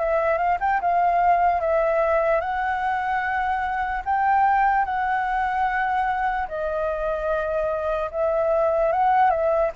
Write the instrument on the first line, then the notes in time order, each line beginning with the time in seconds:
flute
0.00 E5
0.38 F5
0.61 G5
0.81 F5
1.61 E5
2.41 F#5
4.05 G5
4.85 F#5
6.49 D#5
8.12 E5
8.93 F#5
9.31 E5